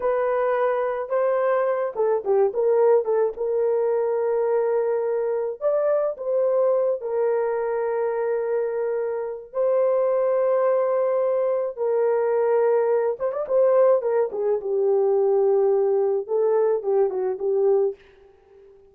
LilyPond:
\new Staff \with { instrumentName = "horn" } { \time 4/4 \tempo 4 = 107 b'2 c''4. a'8 | g'8 ais'4 a'8 ais'2~ | ais'2 d''4 c''4~ | c''8 ais'2.~ ais'8~ |
ais'4 c''2.~ | c''4 ais'2~ ais'8 c''16 d''16 | c''4 ais'8 gis'8 g'2~ | g'4 a'4 g'8 fis'8 g'4 | }